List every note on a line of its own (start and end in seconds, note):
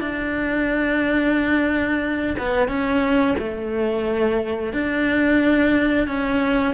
0.00 2.36 D4
2.38 2.68 B3
2.68 3.35 C#4
3.38 4.73 A3
4.73 6.07 D4
6.07 6.74 C#4